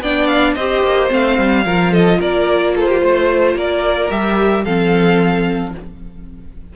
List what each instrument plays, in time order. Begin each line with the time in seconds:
0.00 cello B3, viola D4, violin D5 G5
0.27 violin F5
0.54 cello C4, viola G4, violin C5 D#5
0.83 cello A#3
1.08 cello A3, viola C4, violin F5
1.38 cello G3
1.64 cello F3, viola F4, violin A#4
1.92 violin A4 D#5
2.19 cello A#3, violin A#4 D5
2.75 violin A4 C5
2.88 violin G4
3.01 cello A3, violin C5
3.54 cello A#3, violin A#4 D5
4.09 cello G3, viola G4, violin E5
4.64 cello F3, viola C4, violin A4 F5